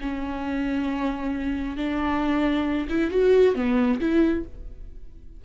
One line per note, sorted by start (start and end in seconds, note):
0.00 1.76 C#4
1.76 2.87 D4
2.89 3.10 E4
3.10 3.55 F#4
3.55 3.99 B3
4.00 4.44 E4